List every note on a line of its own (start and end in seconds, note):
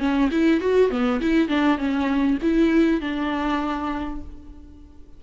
0.00 0.30 C#4
0.32 0.61 E4
0.61 0.91 F#4
0.91 1.21 B3
1.21 1.49 E4
1.49 1.78 D4
1.78 2.38 C#4
2.42 3.01 E4
3.01 4.21 D4